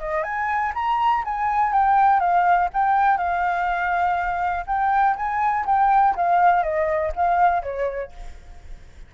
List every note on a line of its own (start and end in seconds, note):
0.00 0.24 D#5
0.24 0.73 G#5
0.75 1.25 A#5
1.25 1.73 G#5
1.73 2.20 G5
2.20 2.69 F5
2.74 3.18 G5
3.18 4.65 F5
4.67 5.16 G5
5.17 5.66 G#5
5.66 6.16 G5
6.16 6.63 F5
6.63 7.13 D#5
7.16 7.63 F5
7.63 8.12 C#5